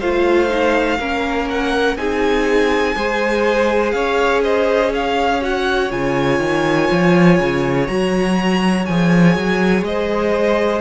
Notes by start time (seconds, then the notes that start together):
0.00 A3 F4 C5 F5
0.49 D#4
0.99 A#3 C#4 A#4
1.50 F#5
1.96 C4 D#4 G#4 G#5
2.96 G#3 G#4 C5
3.92 C#4 C#5 F5
4.43 C5 D#5
4.94 C#5 F5
5.41 F#4 F#5
5.90 C#3 F4 G#5
6.40 D#3
6.91 F3
7.40 C#3
7.87 F#3 F#4 A#5
8.86 F3 G#4 G#5
9.37 F#3
9.82 G#3 C5 D#5